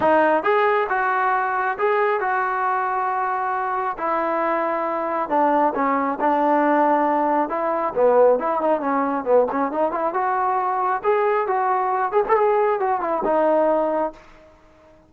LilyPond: \new Staff \with { instrumentName = "trombone" } { \time 4/4 \tempo 4 = 136 dis'4 gis'4 fis'2 | gis'4 fis'2.~ | fis'4 e'2. | d'4 cis'4 d'2~ |
d'4 e'4 b4 e'8 dis'8 | cis'4 b8 cis'8 dis'8 e'8 fis'4~ | fis'4 gis'4 fis'4. gis'16 a'16 | gis'4 fis'8 e'8 dis'2 | }